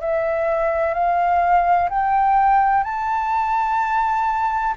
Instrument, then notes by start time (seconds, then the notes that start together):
flute
0.00 E5
0.94 F5
1.89 G5
2.84 A5